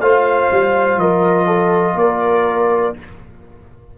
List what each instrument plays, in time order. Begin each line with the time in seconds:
0.00 tuba A3, trombone F4, horn C5, trumpet F5
0.51 tuba G3
0.97 tuba F3, horn A#4, trumpet D#5
1.46 horn A4
1.94 tuba A#3, horn A#4, trumpet D5